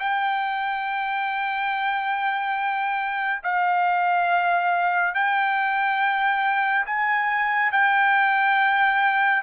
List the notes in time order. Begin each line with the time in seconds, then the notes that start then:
0.00 G5
3.44 F5
5.15 G5
6.86 G#5
7.73 G5